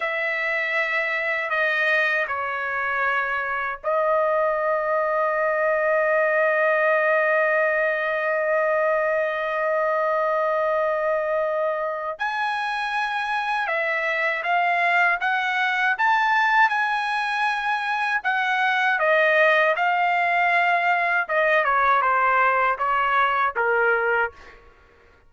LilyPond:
\new Staff \with { instrumentName = "trumpet" } { \time 4/4 \tempo 4 = 79 e''2 dis''4 cis''4~ | cis''4 dis''2.~ | dis''1~ | dis''1 |
gis''2 e''4 f''4 | fis''4 a''4 gis''2 | fis''4 dis''4 f''2 | dis''8 cis''8 c''4 cis''4 ais'4 | }